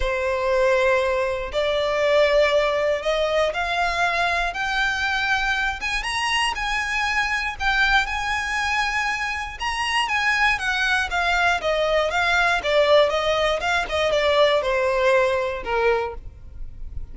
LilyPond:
\new Staff \with { instrumentName = "violin" } { \time 4/4 \tempo 4 = 119 c''2. d''4~ | d''2 dis''4 f''4~ | f''4 g''2~ g''8 gis''8 | ais''4 gis''2 g''4 |
gis''2. ais''4 | gis''4 fis''4 f''4 dis''4 | f''4 d''4 dis''4 f''8 dis''8 | d''4 c''2 ais'4 | }